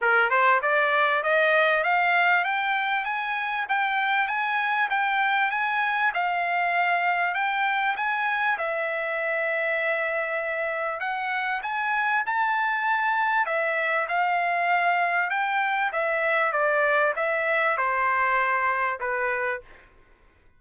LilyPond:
\new Staff \with { instrumentName = "trumpet" } { \time 4/4 \tempo 4 = 98 ais'8 c''8 d''4 dis''4 f''4 | g''4 gis''4 g''4 gis''4 | g''4 gis''4 f''2 | g''4 gis''4 e''2~ |
e''2 fis''4 gis''4 | a''2 e''4 f''4~ | f''4 g''4 e''4 d''4 | e''4 c''2 b'4 | }